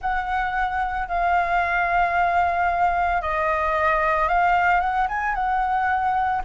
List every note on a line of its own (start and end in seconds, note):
0.01 1.08 F#5
1.08 3.21 F5
3.21 4.28 D#5
4.28 4.80 F5
4.80 5.07 F#5
5.08 5.34 G#5
5.34 6.41 F#5